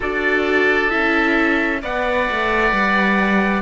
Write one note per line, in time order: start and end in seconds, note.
0.00 0.92 D4
0.00 0.90 F#4
0.00 1.81 A4
0.00 0.90 D5
0.90 1.83 C#4
0.90 1.80 E4
0.90 1.80 E5
1.81 2.29 B3
1.81 3.62 B4
1.81 3.62 D5
1.81 3.62 F#5
2.30 2.72 A3
2.72 3.62 G3